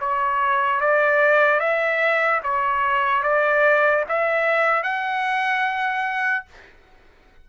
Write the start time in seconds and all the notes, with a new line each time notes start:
0.00 C#5
0.80 D5
1.60 E5
2.43 C#5
3.23 D5
4.08 E5
4.83 F#5